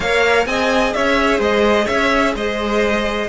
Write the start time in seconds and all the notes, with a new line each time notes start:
0.00 A#3 A#4 C#5 F5
0.46 C4 G#4 D#5 G#5
0.93 C#4 C#5 E5
1.38 G#3 C5 D#5
1.84 C#4 C#5 E5
2.35 G#3 C5 D#5